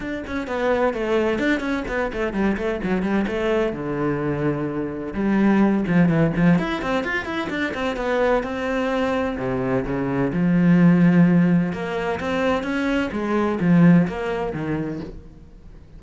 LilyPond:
\new Staff \with { instrumentName = "cello" } { \time 4/4 \tempo 4 = 128 d'8 cis'8 b4 a4 d'8 cis'8 | b8 a8 g8 a8 fis8 g8 a4 | d2. g4~ | g8 f8 e8 f8 e'8 c'8 f'8 e'8 |
d'8 c'8 b4 c'2 | c4 cis4 f2~ | f4 ais4 c'4 cis'4 | gis4 f4 ais4 dis4 | }